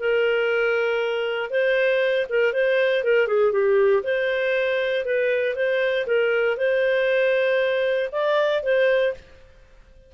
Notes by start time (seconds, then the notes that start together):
0.00 A#4
1.51 C5
2.30 A#4
2.54 C5
3.04 A#4
3.28 G#4
3.53 G4
4.04 C5
5.05 B4
5.56 C5
6.07 A#4
6.58 C5
8.12 D5
8.63 C5